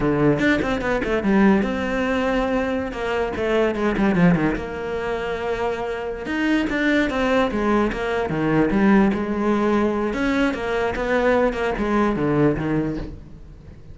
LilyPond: \new Staff \with { instrumentName = "cello" } { \time 4/4 \tempo 4 = 148 d4 d'8 c'8 b8 a8 g4 | c'2.~ c'16 ais8.~ | ais16 a4 gis8 g8 f8 dis8 ais8.~ | ais2.~ ais8 dis'8~ |
dis'8 d'4 c'4 gis4 ais8~ | ais8 dis4 g4 gis4.~ | gis4 cis'4 ais4 b4~ | b8 ais8 gis4 d4 dis4 | }